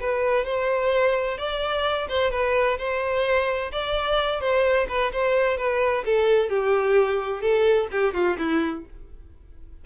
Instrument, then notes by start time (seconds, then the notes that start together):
violin
0.00 B4
0.45 C5
1.38 D5
2.08 C5
2.31 B4
2.78 C5
3.72 D5
4.40 C5
4.88 B4
5.12 C5
5.57 B4
6.05 A4
6.49 G4
7.41 A4
7.91 G4
8.14 F4
8.38 E4